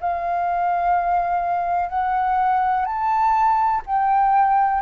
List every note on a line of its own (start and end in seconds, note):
0.00 1.89 F5
1.89 2.85 F#5
2.85 3.82 A5
3.86 4.82 G5